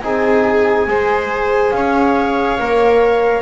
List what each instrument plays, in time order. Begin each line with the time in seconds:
0.00 double bass C4, trombone D#4, viola G#4, flute G#5
0.87 double bass G#3, trombone G#4, viola C5
1.71 double bass C#4, viola C#5, flute F5
2.59 double bass A#3, trombone A#4